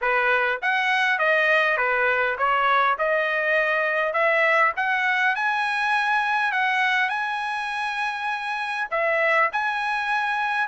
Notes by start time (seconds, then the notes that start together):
0.01 B4
0.62 F#5
1.19 D#5
1.77 B4
2.38 C#5
2.98 D#5
4.13 E5
4.76 F#5
5.35 G#5
6.52 F#5
7.09 G#5
8.90 E5
9.52 G#5